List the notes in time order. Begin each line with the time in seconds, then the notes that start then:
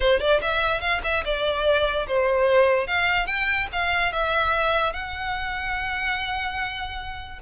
0.00 C5
0.20 D5
0.41 E5
0.80 F5
1.03 E5
1.24 D5
2.07 C5
2.87 F5
3.26 G5
3.72 F5
4.12 E5
4.92 F#5